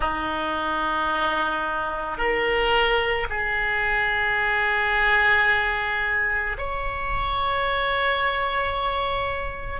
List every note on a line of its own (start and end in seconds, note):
0.00 2.17 D#4
2.17 3.26 A#4
3.29 6.57 G#4
6.58 9.80 C#5